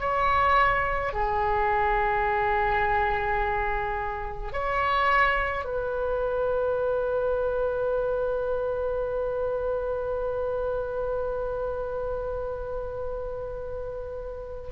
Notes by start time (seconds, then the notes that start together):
0.00 C#5
1.13 G#4
4.53 C#5
5.64 B4